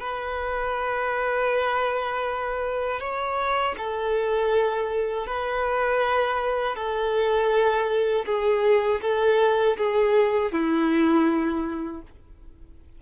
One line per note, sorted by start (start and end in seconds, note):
0.00 3.00 B4
3.00 3.75 C#5
3.77 5.27 A4
5.27 6.75 B4
6.75 8.25 A4
8.26 9.01 G#4
9.02 9.77 A4
9.77 10.52 G#4
10.52 12.02 E4